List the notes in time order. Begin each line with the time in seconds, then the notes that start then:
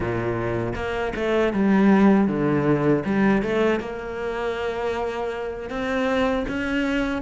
0.00 A#2
0.75 A#3
1.15 A3
1.53 G3
2.27 D3
3.05 G3
3.42 A3
3.80 A#3
5.69 C4
6.48 C#4